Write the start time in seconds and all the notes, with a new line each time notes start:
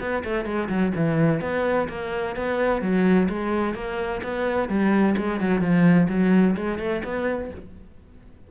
0.00 B3
0.24 A3
0.45 G#3
0.69 F#3
0.96 E3
1.41 B3
1.89 A#3
2.36 B3
2.82 F#3
3.29 G#3
3.75 A#3
4.24 B3
4.69 G3
5.18 G#3
5.41 F#3
5.61 F3
6.09 F#3
6.57 G#3
6.79 A3
7.04 B3